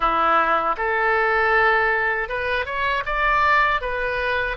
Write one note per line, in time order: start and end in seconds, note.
0.00 0.76 E4
0.77 2.29 A4
2.29 2.65 B4
2.65 3.03 C#5
3.06 3.81 D5
3.81 4.56 B4